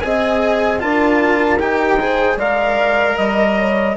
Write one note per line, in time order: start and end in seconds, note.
0.00 0.83 C4
0.00 0.79 G#4
0.00 0.82 D#5
0.00 0.79 G#5
0.79 1.60 D4
0.79 1.58 F4
0.79 1.99 A#4
0.79 1.59 A5
1.59 2.36 D#4
1.59 1.98 G4
1.59 2.39 G5
1.99 2.39 G#4
1.99 2.37 C5
2.36 3.15 G#3
2.36 3.97 A#4
2.36 3.15 D5
2.36 3.17 F5
3.15 3.96 G3
3.15 3.55 D#5
3.15 3.96 D#5
3.57 3.96 C#5